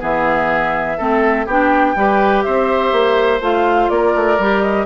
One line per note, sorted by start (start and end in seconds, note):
0.00 0.99 E3
0.00 0.98 B3
0.00 0.98 G#4
0.00 1.47 E5
0.98 1.46 A3
0.98 1.47 C4
0.98 1.46 A4
1.46 1.95 B3
1.46 1.96 D4
1.46 1.95 G4
1.46 2.42 G5
1.96 2.45 G3
1.96 3.41 G4
1.96 2.45 B4
2.42 2.92 C4
2.42 3.91 C5
2.42 3.40 E5
2.92 3.41 A#3
3.41 3.89 A3
3.41 4.39 F4
3.41 3.89 F5
3.89 4.14 A#3
3.89 4.86 A#4
3.89 4.62 D5
4.15 4.39 A3
4.39 4.86 G3
4.39 4.86 G4
4.62 4.86 D#5